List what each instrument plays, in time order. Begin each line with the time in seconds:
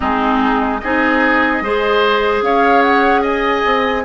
0.00 bassoon G#3, clarinet C4, oboe D#4, flute G#4
0.79 bassoon C4, clarinet D#4, oboe G#4, flute D#5
1.61 bassoon G#3, clarinet G#4, oboe C5
2.41 bassoon C#4, oboe C#5, flute F5
2.81 flute F#5
3.21 oboe D#5, flute G#5
3.65 bassoon C4